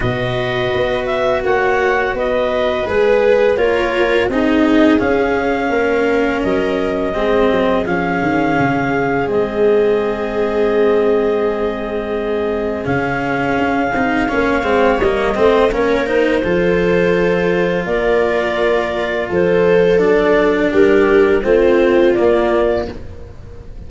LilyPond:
<<
  \new Staff \with { instrumentName = "clarinet" } { \time 4/4 \tempo 4 = 84 dis''4. e''8 fis''4 dis''4 | b'4 cis''4 dis''4 f''4~ | f''4 dis''2 f''4~ | f''4 dis''2.~ |
dis''2 f''2~ | f''4 dis''4 cis''8 c''4.~ | c''4 d''2 c''4 | d''4 ais'4 c''4 d''4 | }
  \new Staff \with { instrumentName = "viola" } { \time 4/4 b'2 cis''4 b'4~ | b'4 ais'4 gis'2 | ais'2 gis'2~ | gis'1~ |
gis'1 | cis''4. c''8 ais'4 a'4~ | a'4 ais'2 a'4~ | a'4 g'4 f'2 | }
  \new Staff \with { instrumentName = "cello" } { \time 4/4 fis'1 | gis'4 f'4 dis'4 cis'4~ | cis'2 c'4 cis'4~ | cis'4 c'2.~ |
c'2 cis'4. dis'8 | cis'8 c'8 ais8 c'8 cis'8 dis'8 f'4~ | f'1 | d'2 c'4 ais4 | }
  \new Staff \with { instrumentName = "tuba" } { \time 4/4 b,4 b4 ais4 b4 | gis4 ais4 c'4 cis'4 | ais4 fis4 gis8 fis8 f8 dis8 | cis4 gis2.~ |
gis2 cis4 cis'8 c'8 | ais8 gis8 g8 a8 ais4 f4~ | f4 ais2 f4 | fis4 g4 a4 ais4 | }
>>